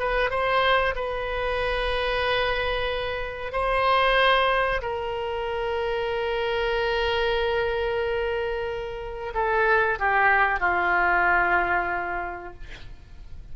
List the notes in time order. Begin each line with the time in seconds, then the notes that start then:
0.00 B4
0.30 C5
0.96 B4
3.53 C5
4.82 A#4
9.34 A4
10.00 G4
10.60 F4